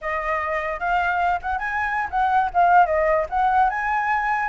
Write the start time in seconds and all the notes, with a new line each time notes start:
0.01 D#5
0.79 F5
1.41 F#5
1.58 G#5
2.10 F#5
2.53 F5
2.86 D#5
3.29 F#5
3.69 G#5